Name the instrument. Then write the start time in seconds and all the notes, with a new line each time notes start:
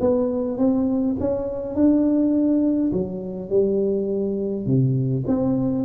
tuba
0.00 B3
0.58 C4
1.19 C#4
1.75 D4
2.92 F#3
3.49 G3
4.66 C3
5.27 C4